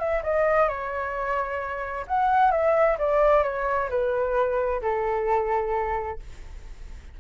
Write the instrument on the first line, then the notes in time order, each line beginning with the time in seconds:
flute
0.00 E5
0.24 D#5
0.68 C#5
2.07 F#5
2.52 E5
2.99 D5
3.44 C#5
3.90 B4
4.82 A4